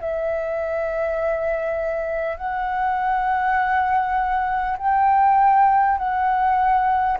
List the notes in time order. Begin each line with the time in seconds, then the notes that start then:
0.00 E5
2.37 F#5
4.78 G5
5.98 F#5